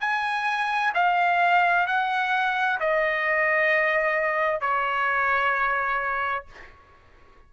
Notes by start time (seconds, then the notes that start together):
0.00 G#5
0.94 F5
1.86 F#5
2.80 D#5
4.60 C#5